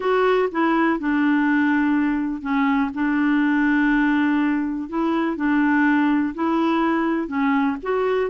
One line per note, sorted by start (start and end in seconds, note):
0.00 0.49 F#4
0.51 0.99 E4
0.99 2.41 D4
2.41 2.90 C#4
2.94 4.89 D4
4.89 5.36 E4
5.36 6.33 D4
6.34 7.27 E4
7.27 7.76 C#4
7.82 8.30 F#4